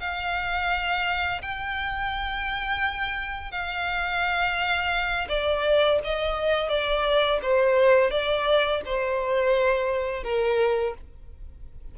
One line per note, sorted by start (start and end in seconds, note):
0.00 1.41 F5
1.42 3.51 G5
3.51 5.28 F5
5.29 5.99 D5
6.04 6.69 D#5
6.69 7.39 D5
7.42 8.10 C5
8.10 8.81 D5
8.85 10.24 C5
10.24 10.94 A#4